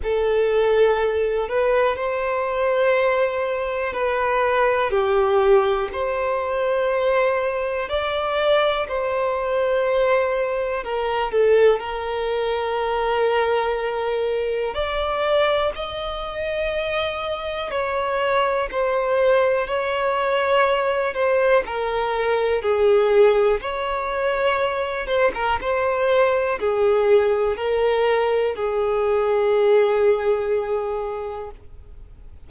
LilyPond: \new Staff \with { instrumentName = "violin" } { \time 4/4 \tempo 4 = 61 a'4. b'8 c''2 | b'4 g'4 c''2 | d''4 c''2 ais'8 a'8 | ais'2. d''4 |
dis''2 cis''4 c''4 | cis''4. c''8 ais'4 gis'4 | cis''4. c''16 ais'16 c''4 gis'4 | ais'4 gis'2. | }